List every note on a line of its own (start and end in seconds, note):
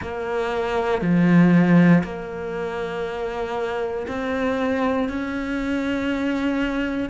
0.01 1.01 A#3
1.01 2.03 F3
2.03 4.07 A#3
4.07 5.08 C4
5.08 7.09 C#4